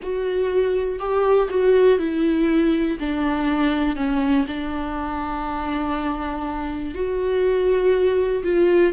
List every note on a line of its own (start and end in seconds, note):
0.02 0.99 F#4
0.99 1.49 G4
1.49 1.98 F#4
1.98 2.98 E4
2.99 3.96 D4
3.96 4.45 C#4
4.47 6.94 D4
6.94 8.43 F#4
8.43 8.93 F4